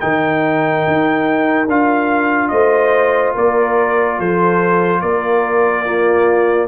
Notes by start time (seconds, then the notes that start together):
0.00 D#3 D#4 A#4 G5
0.87 D#4
1.67 D4 F4 F5
2.48 A3 C5 D#5
3.34 A#3 A#4 D5
4.18 F3 A4 C5
5.01 A#3 A#4 D5
5.85 A#3 F4